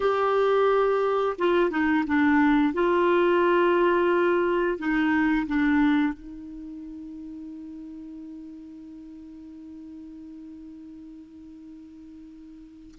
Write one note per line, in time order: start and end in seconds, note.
0.00 1.36 G4
1.38 1.70 F4
1.70 2.04 D#4
2.06 2.73 D4
2.73 4.78 F4
4.78 5.46 D#4
5.46 6.13 D4
6.13 12.95 D#4